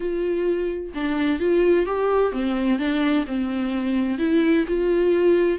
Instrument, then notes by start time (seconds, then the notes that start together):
viola
0.00 F4
0.94 D4
1.39 F4
1.86 G4
2.32 C4
2.78 D4
3.26 C4
4.18 E4
4.67 F4